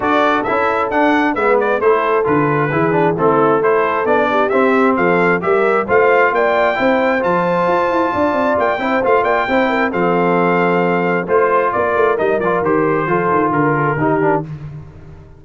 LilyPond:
<<
  \new Staff \with { instrumentName = "trumpet" } { \time 4/4 \tempo 4 = 133 d''4 e''4 fis''4 e''8 d''8 | c''4 b'2 a'4 | c''4 d''4 e''4 f''4 | e''4 f''4 g''2 |
a''2. g''4 | f''8 g''4. f''2~ | f''4 c''4 d''4 dis''8 d''8 | c''2 ais'2 | }
  \new Staff \with { instrumentName = "horn" } { \time 4/4 a'2. b'4 | a'2 gis'4 e'4 | a'4. g'4. a'4 | ais'4 c''4 d''4 c''4~ |
c''2 d''4. c''8~ | c''8 d''8 c''8 ais'8 a'2~ | a'4 c''4 ais'2~ | ais'4 a'4 ais'8 a'8 g'4 | }
  \new Staff \with { instrumentName = "trombone" } { \time 4/4 fis'4 e'4 d'4 b4 | e'4 f'4 e'8 d'8 c'4 | e'4 d'4 c'2 | g'4 f'2 e'4 |
f'2.~ f'8 e'8 | f'4 e'4 c'2~ | c'4 f'2 dis'8 f'8 | g'4 f'2 dis'8 d'8 | }
  \new Staff \with { instrumentName = "tuba" } { \time 4/4 d'4 cis'4 d'4 gis4 | a4 d4 e4 a4~ | a4 b4 c'4 f4 | g4 a4 ais4 c'4 |
f4 f'8 e'8 d'8 c'8 ais8 c'8 | a8 ais8 c'4 f2~ | f4 a4 ais8 a8 g8 f8 | dis4 f8 dis8 d4 dis4 | }
>>